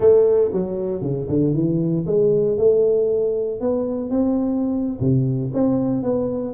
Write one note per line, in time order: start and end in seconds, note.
0.00 0.51 A3
0.52 1.01 F#3
1.01 1.27 C#3
1.28 1.54 D3
1.54 2.05 E3
2.06 2.57 G#3
2.57 3.60 A3
3.60 4.10 B3
4.10 4.99 C4
5.00 5.51 C3
5.53 6.03 C4
6.03 6.54 B3